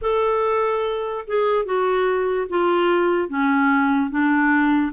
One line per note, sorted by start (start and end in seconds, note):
0.01 1.25 A4
1.27 1.65 G#4
1.65 2.47 F#4
2.49 3.28 F4
3.28 4.10 C#4
4.10 4.92 D4